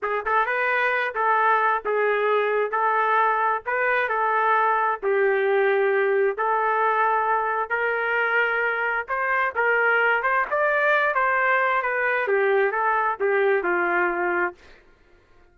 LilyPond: \new Staff \with { instrumentName = "trumpet" } { \time 4/4 \tempo 4 = 132 gis'8 a'8 b'4. a'4. | gis'2 a'2 | b'4 a'2 g'4~ | g'2 a'2~ |
a'4 ais'2. | c''4 ais'4. c''8 d''4~ | d''8 c''4. b'4 g'4 | a'4 g'4 f'2 | }